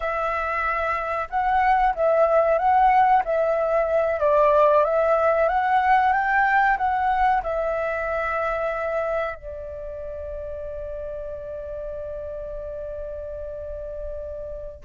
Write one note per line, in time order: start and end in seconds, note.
0.00 1.27 E5
1.29 1.94 F#5
1.95 2.58 E5
2.58 3.23 F#5
3.24 4.19 E5
4.19 4.84 D5
4.84 5.48 E5
5.48 6.12 F#5
6.12 6.77 G5
6.77 7.42 F#5
7.43 9.35 E5
9.35 14.83 D5